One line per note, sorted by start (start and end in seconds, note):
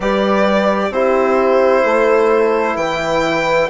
0.00 0.90 G3
0.00 0.93 G4
0.00 0.89 B4
0.00 0.92 D5
0.90 1.82 C4
0.90 3.70 E4
0.90 1.83 G4
0.90 2.76 C5
1.83 2.76 A3
1.83 2.75 A4
2.75 3.68 E3
2.75 3.68 B4
2.75 3.69 G5